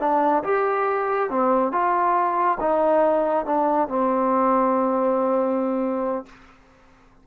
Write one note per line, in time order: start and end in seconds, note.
0.00 0.43 D4
0.44 1.30 G4
1.30 1.72 C4
1.72 2.58 F4
2.60 3.46 D#4
3.46 3.88 D4
3.88 6.26 C4